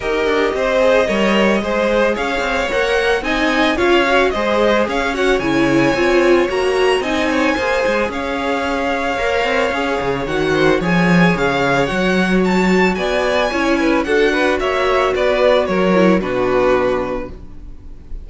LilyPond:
<<
  \new Staff \with { instrumentName = "violin" } { \time 4/4 \tempo 4 = 111 dis''1 | f''4 fis''4 gis''4 f''4 | dis''4 f''8 fis''8 gis''2 | ais''4 gis''2 f''4~ |
f''2. fis''4 | gis''4 f''4 fis''4 a''4 | gis''2 fis''4 e''4 | d''4 cis''4 b'2 | }
  \new Staff \with { instrumentName = "violin" } { \time 4/4 ais'4 c''4 cis''4 c''4 | cis''2 dis''4 cis''4 | c''4 cis''2.~ | cis''4 dis''8 cis''8 c''4 cis''4~ |
cis''2.~ cis''8 c''8 | cis''1 | d''4 cis''8 b'8 a'8 b'8 cis''4 | b'4 ais'4 fis'2 | }
  \new Staff \with { instrumentName = "viola" } { \time 4/4 g'4. gis'8 ais'4 gis'4~ | gis'4 ais'4 dis'4 f'8 fis'8 | gis'4. fis'8 e'4 f'4 | fis'4 dis'4 gis'2~ |
gis'4 ais'4 gis'4 fis'4 | gis'2 fis'2~ | fis'4 e'4 fis'2~ | fis'4. e'8 d'2 | }
  \new Staff \with { instrumentName = "cello" } { \time 4/4 dis'8 d'8 c'4 g4 gis4 | cis'8 c'8 ais4 c'4 cis'4 | gis4 cis'4 cis4 c'4 | ais4 c'4 ais8 gis8 cis'4~ |
cis'4 ais8 c'8 cis'8 cis8 dis4 | f4 cis4 fis2 | b4 cis'4 d'4 ais4 | b4 fis4 b,2 | }
>>